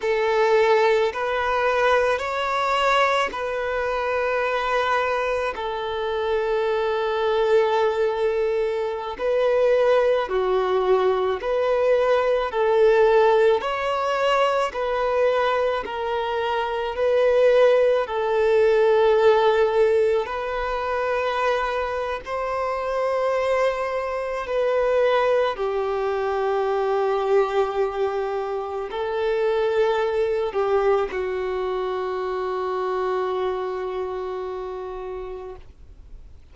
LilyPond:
\new Staff \with { instrumentName = "violin" } { \time 4/4 \tempo 4 = 54 a'4 b'4 cis''4 b'4~ | b'4 a'2.~ | a'16 b'4 fis'4 b'4 a'8.~ | a'16 cis''4 b'4 ais'4 b'8.~ |
b'16 a'2 b'4.~ b'16 | c''2 b'4 g'4~ | g'2 a'4. g'8 | fis'1 | }